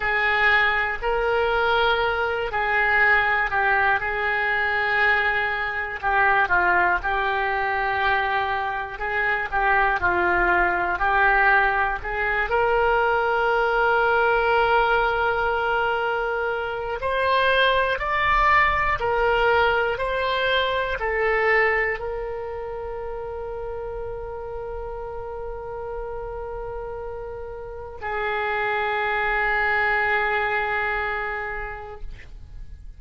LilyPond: \new Staff \with { instrumentName = "oboe" } { \time 4/4 \tempo 4 = 60 gis'4 ais'4. gis'4 g'8 | gis'2 g'8 f'8 g'4~ | g'4 gis'8 g'8 f'4 g'4 | gis'8 ais'2.~ ais'8~ |
ais'4 c''4 d''4 ais'4 | c''4 a'4 ais'2~ | ais'1 | gis'1 | }